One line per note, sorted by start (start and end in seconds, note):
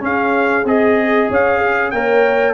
0.00 0.63 C#4
0.00 0.65 C#4
0.00 1.29 G#4
0.00 0.68 F5
0.65 1.28 C4
0.65 1.94 G#4
0.65 1.31 D#5
1.29 1.92 C#4
1.29 1.58 C#5
1.29 1.91 F5
1.58 1.90 G#4
1.91 2.54 A#3
1.91 2.54 A#4
1.91 2.54 C#5
1.91 2.54 G5